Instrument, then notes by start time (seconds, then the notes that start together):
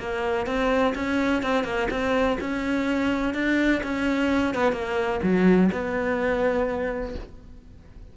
cello
0.00 A#3
0.47 C4
0.95 C#4
1.43 C4
1.65 A#3
1.91 C4
2.41 C#4
3.34 D4
3.84 C#4
4.55 B3
4.73 A#3
5.23 F#3
5.72 B3